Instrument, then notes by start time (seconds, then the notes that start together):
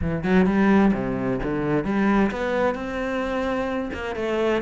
cello
0.01 E3
0.23 F#3
0.46 G3
0.93 C3
1.43 D3
1.84 G3
2.31 B3
2.74 C4
3.93 A#3
4.15 A3